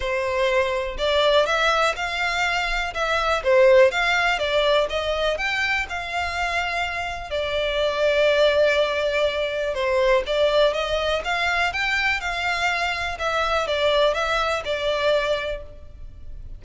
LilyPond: \new Staff \with { instrumentName = "violin" } { \time 4/4 \tempo 4 = 123 c''2 d''4 e''4 | f''2 e''4 c''4 | f''4 d''4 dis''4 g''4 | f''2. d''4~ |
d''1 | c''4 d''4 dis''4 f''4 | g''4 f''2 e''4 | d''4 e''4 d''2 | }